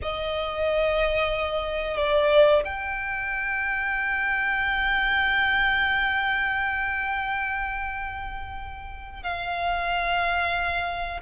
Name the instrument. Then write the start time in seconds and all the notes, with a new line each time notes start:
violin
0.02 D#5
1.97 D5
2.64 G5
9.22 F5